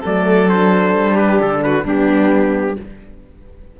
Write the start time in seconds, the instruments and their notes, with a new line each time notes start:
0.00 cello F#3, horn A3, violin A4, trumpet D5
0.47 horn D4, trumpet C5
0.94 cello G3
1.14 violin G4, trumpet B4
1.41 cello D3, trumpet A4
1.63 violin F#4, trumpet B4
1.84 cello G3, horn B3, violin D4, trumpet G4